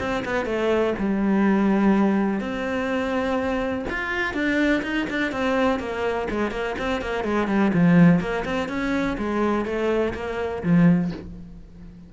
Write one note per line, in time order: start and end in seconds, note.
0.00 0.24 C4
0.25 0.46 B3
0.46 0.94 A3
0.99 2.40 G3
2.40 3.85 C4
3.90 4.34 F4
4.34 4.83 D4
4.83 5.07 D#4
5.10 5.32 D4
5.32 5.80 C4
5.80 6.28 A#3
6.30 6.51 G#3
6.51 6.75 A#3
6.79 7.02 C4
7.02 7.24 A#3
7.24 7.48 G#3
7.48 7.72 G3
7.74 8.20 F3
8.20 8.45 A#3
8.45 8.69 C4
8.69 9.17 C#4
9.18 9.66 G#3
9.66 10.14 A3
10.14 10.63 A#3
10.63 11.12 F3